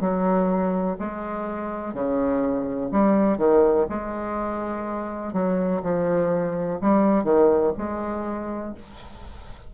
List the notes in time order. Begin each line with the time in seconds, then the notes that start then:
0.00 F#3
0.99 G#3
1.94 C#3
2.91 G3
3.37 D#3
3.89 G#3
5.33 F#3
5.82 F3
6.81 G3
7.24 D#3
7.77 G#3